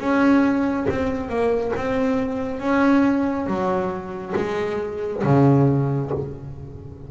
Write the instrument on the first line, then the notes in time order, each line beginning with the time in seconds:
double bass
0.00 C#4
0.90 C4
1.29 A#3
1.76 C4
2.60 C#4
3.47 F#3
4.36 G#3
5.24 C#3